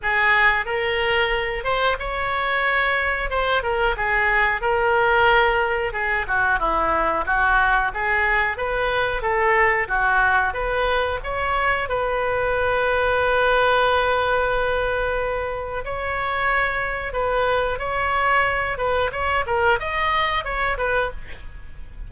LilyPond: \new Staff \with { instrumentName = "oboe" } { \time 4/4 \tempo 4 = 91 gis'4 ais'4. c''8 cis''4~ | cis''4 c''8 ais'8 gis'4 ais'4~ | ais'4 gis'8 fis'8 e'4 fis'4 | gis'4 b'4 a'4 fis'4 |
b'4 cis''4 b'2~ | b'1 | cis''2 b'4 cis''4~ | cis''8 b'8 cis''8 ais'8 dis''4 cis''8 b'8 | }